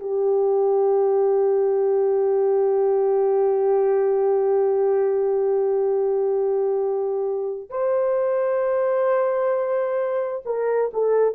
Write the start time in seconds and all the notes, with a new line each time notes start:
0.00 G4
7.70 C5
10.46 A#4
10.93 A4